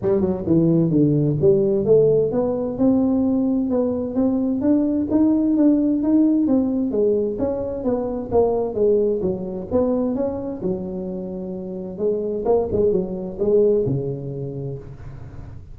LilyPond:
\new Staff \with { instrumentName = "tuba" } { \time 4/4 \tempo 4 = 130 g8 fis8 e4 d4 g4 | a4 b4 c'2 | b4 c'4 d'4 dis'4 | d'4 dis'4 c'4 gis4 |
cis'4 b4 ais4 gis4 | fis4 b4 cis'4 fis4~ | fis2 gis4 ais8 gis8 | fis4 gis4 cis2 | }